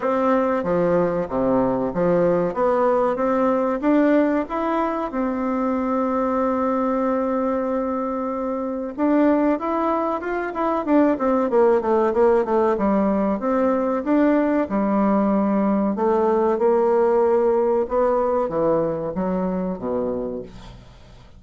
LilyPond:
\new Staff \with { instrumentName = "bassoon" } { \time 4/4 \tempo 4 = 94 c'4 f4 c4 f4 | b4 c'4 d'4 e'4 | c'1~ | c'2 d'4 e'4 |
f'8 e'8 d'8 c'8 ais8 a8 ais8 a8 | g4 c'4 d'4 g4~ | g4 a4 ais2 | b4 e4 fis4 b,4 | }